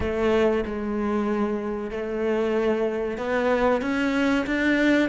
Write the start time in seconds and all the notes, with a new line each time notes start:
0.00 A3
0.65 G#3
1.90 A3
3.17 B3
3.81 C#4
4.46 D4